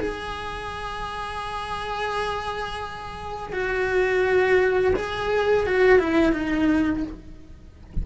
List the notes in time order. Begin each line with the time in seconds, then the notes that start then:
0.00 G#4
3.53 F#4
4.96 G#4
5.67 F#4
5.99 E4
6.33 D#4